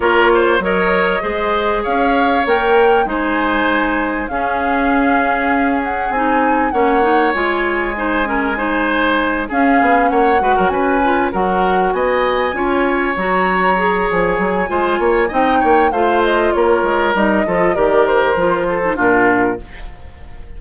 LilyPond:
<<
  \new Staff \with { instrumentName = "flute" } { \time 4/4 \tempo 4 = 98 cis''4 dis''2 f''4 | g''4 gis''2 f''4~ | f''4. fis''8 gis''4 fis''4 | gis''2.~ gis''8 f''8~ |
f''8 fis''4 gis''4 fis''4 gis''8~ | gis''4. ais''4. gis''4~ | gis''4 g''4 f''8 dis''8 cis''4 | dis''4 d''8 c''4. ais'4 | }
  \new Staff \with { instrumentName = "oboe" } { \time 4/4 ais'8 c''8 cis''4 c''4 cis''4~ | cis''4 c''2 gis'4~ | gis'2. cis''4~ | cis''4 c''8 ais'8 c''4. gis'8~ |
gis'8 cis''8 b'16 ais'16 b'4 ais'4 dis''8~ | dis''8 cis''2.~ cis''8 | c''8 cis''8 dis''8 cis''8 c''4 ais'4~ | ais'8 a'8 ais'4. a'8 f'4 | }
  \new Staff \with { instrumentName = "clarinet" } { \time 4/4 f'4 ais'4 gis'2 | ais'4 dis'2 cis'4~ | cis'2 dis'4 cis'8 dis'8 | f'4 dis'8 cis'8 dis'4. cis'8~ |
cis'4 fis'4 f'8 fis'4.~ | fis'8 f'4 fis'4 gis'4. | f'4 dis'4 f'2 | dis'8 f'8 g'4 f'8. dis'16 d'4 | }
  \new Staff \with { instrumentName = "bassoon" } { \time 4/4 ais4 fis4 gis4 cis'4 | ais4 gis2 cis'4~ | cis'2 c'4 ais4 | gis2.~ gis8 cis'8 |
b8 ais8 gis16 fis16 cis'4 fis4 b8~ | b8 cis'4 fis4. f8 fis8 | gis8 ais8 c'8 ais8 a4 ais8 gis8 | g8 f8 dis4 f4 ais,4 | }
>>